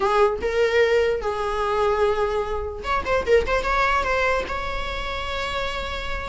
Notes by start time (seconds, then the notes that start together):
0.00 G#4
0.41 A#4
1.21 G#4
2.83 C#5
3.05 C5
3.25 A#4
3.46 C5
3.63 C#5
4.03 C5
4.48 C#5